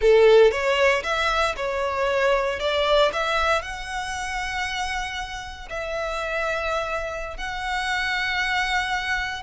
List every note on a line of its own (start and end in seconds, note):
0.01 0.51 A4
0.51 1.03 C#5
1.03 1.55 E5
1.56 2.59 C#5
2.59 3.11 D5
3.12 3.62 E5
3.62 5.68 F#5
5.69 7.37 E5
7.37 9.42 F#5